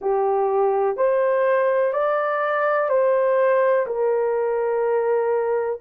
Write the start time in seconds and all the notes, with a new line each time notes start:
0.00 G4
0.96 C5
1.93 D5
2.89 C5
3.86 A#4